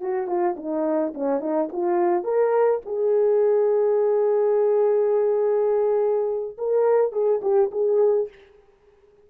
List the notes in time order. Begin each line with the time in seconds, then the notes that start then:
0.00 F#4
0.26 F4
0.56 D#4
1.14 C#4
1.40 D#4
1.72 F4
2.23 A#4
2.85 G#4
6.57 A#4
7.12 G#4
7.42 G4
7.71 G#4